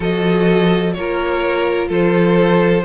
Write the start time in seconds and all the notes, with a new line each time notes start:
0.00 F3 F#4 A4 D#5
0.93 A#3 F4 A#4 C#5
1.88 F3 A4 C5